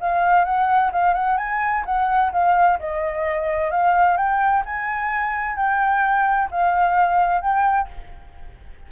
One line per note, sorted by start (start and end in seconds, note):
0.00 0.44 F5
0.44 0.91 F#5
0.92 1.14 F5
1.14 1.37 F#5
1.37 1.84 G#5
1.85 2.32 F#5
2.32 2.79 F5
2.79 3.71 D#5
3.71 4.17 F5
4.17 4.63 G5
4.65 5.56 G#5
5.56 6.49 G5
6.51 7.41 F5
7.41 7.88 G5